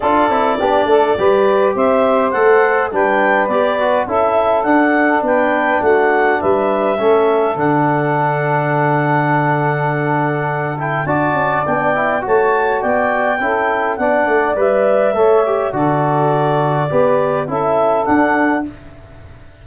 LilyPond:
<<
  \new Staff \with { instrumentName = "clarinet" } { \time 4/4 \tempo 4 = 103 d''2. e''4 | fis''4 g''4 d''4 e''4 | fis''4 g''4 fis''4 e''4~ | e''4 fis''2.~ |
fis''2~ fis''8 g''8 a''4 | g''4 a''4 g''2 | fis''4 e''2 d''4~ | d''2 e''4 fis''4 | }
  \new Staff \with { instrumentName = "saxophone" } { \time 4/4 a'4 g'8 a'8 b'4 c''4~ | c''4 b'2 a'4~ | a'4 b'4 fis'4 b'4 | a'1~ |
a'2. d''4~ | d''4 cis''4 d''4 a'4 | d''2 cis''4 a'4~ | a'4 b'4 a'2 | }
  \new Staff \with { instrumentName = "trombone" } { \time 4/4 f'8 e'8 d'4 g'2 | a'4 d'4 g'8 fis'8 e'4 | d'1 | cis'4 d'2.~ |
d'2~ d'8 e'8 fis'4 | d'8 e'8 fis'2 e'4 | d'4 b'4 a'8 g'8 fis'4~ | fis'4 g'4 e'4 d'4 | }
  \new Staff \with { instrumentName = "tuba" } { \time 4/4 d'8 c'8 b8 a8 g4 c'4 | a4 g4 b4 cis'4 | d'4 b4 a4 g4 | a4 d2.~ |
d2. d'8 cis'8 | b4 a4 b4 cis'4 | b8 a8 g4 a4 d4~ | d4 b4 cis'4 d'4 | }
>>